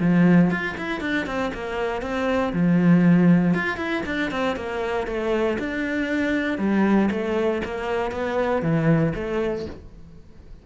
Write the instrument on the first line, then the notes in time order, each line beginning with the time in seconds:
cello
0.00 F3
0.50 F4
0.77 E4
1.01 D4
1.26 C4
1.53 A#3
2.02 C4
2.53 F3
3.54 F4
3.77 E4
4.05 D4
4.31 C4
4.56 A#3
5.07 A3
5.59 D4
6.58 G3
7.11 A3
7.65 A#3
8.11 B3
8.62 E3
9.15 A3